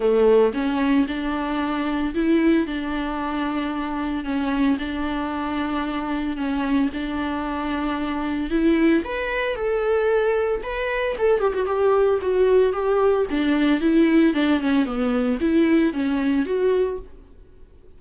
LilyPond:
\new Staff \with { instrumentName = "viola" } { \time 4/4 \tempo 4 = 113 a4 cis'4 d'2 | e'4 d'2. | cis'4 d'2. | cis'4 d'2. |
e'4 b'4 a'2 | b'4 a'8 g'16 fis'16 g'4 fis'4 | g'4 d'4 e'4 d'8 cis'8 | b4 e'4 cis'4 fis'4 | }